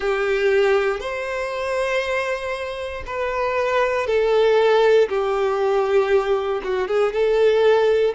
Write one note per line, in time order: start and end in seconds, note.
0.00 1.00 G4
1.00 3.03 C5
3.06 4.06 B4
4.06 5.08 A4
5.08 6.61 G4
6.63 6.87 F#4
6.87 7.12 G#4
7.12 8.14 A4